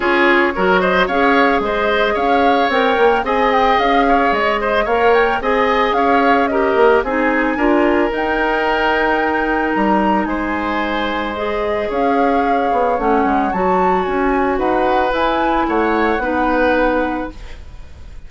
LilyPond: <<
  \new Staff \with { instrumentName = "flute" } { \time 4/4 \tempo 4 = 111 cis''4. dis''8 f''4 dis''4 | f''4 g''4 gis''8 g''8 f''4 | dis''4 f''8 g''8 gis''4 f''4 | dis''4 gis''2 g''4~ |
g''2 ais''4 gis''4~ | gis''4 dis''4 f''2 | fis''4 a''4 gis''4 fis''4 | gis''4 fis''2. | }
  \new Staff \with { instrumentName = "oboe" } { \time 4/4 gis'4 ais'8 c''8 cis''4 c''4 | cis''2 dis''4. cis''8~ | cis''8 c''8 cis''4 dis''4 cis''4 | ais'4 gis'4 ais'2~ |
ais'2. c''4~ | c''2 cis''2~ | cis''2. b'4~ | b'4 cis''4 b'2 | }
  \new Staff \with { instrumentName = "clarinet" } { \time 4/4 f'4 fis'4 gis'2~ | gis'4 ais'4 gis'2~ | gis'4 ais'4 gis'2 | g'4 dis'4 f'4 dis'4~ |
dis'1~ | dis'4 gis'2. | cis'4 fis'2. | e'2 dis'2 | }
  \new Staff \with { instrumentName = "bassoon" } { \time 4/4 cis'4 fis4 cis'4 gis4 | cis'4 c'8 ais8 c'4 cis'4 | gis4 ais4 c'4 cis'4~ | cis'8 ais8 c'4 d'4 dis'4~ |
dis'2 g4 gis4~ | gis2 cis'4. b8 | a8 gis8 fis4 cis'4 dis'4 | e'4 a4 b2 | }
>>